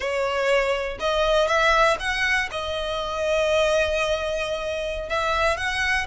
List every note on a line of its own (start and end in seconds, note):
0.00 0.98 C#5
0.99 1.47 D#5
1.47 1.97 E5
1.99 2.49 F#5
2.51 5.09 D#5
5.09 5.57 E5
5.57 6.07 F#5